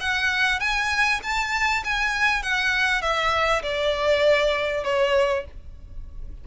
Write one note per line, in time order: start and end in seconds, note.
0.00 0.59 F#5
0.59 1.20 G#5
1.23 1.83 A5
1.84 2.42 G#5
2.42 3.01 F#5
3.01 3.62 E5
3.62 4.83 D5
4.83 5.44 C#5